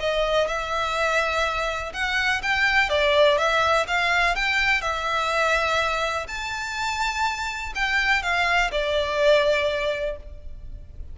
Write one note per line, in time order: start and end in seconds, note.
0.00 0.48 D#5
0.48 1.93 E5
1.93 2.42 F#5
2.43 2.90 G5
2.90 3.38 D5
3.38 3.86 E5
3.87 4.35 F5
4.35 4.81 G5
4.81 6.27 E5
6.28 7.73 A5
7.75 8.23 G5
8.23 8.71 F5
8.71 10.17 D5